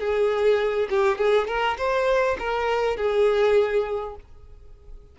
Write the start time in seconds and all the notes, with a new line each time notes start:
0.00 G#4
0.90 G4
1.18 G#4
1.48 A#4
1.78 C5
2.40 A#4
2.97 G#4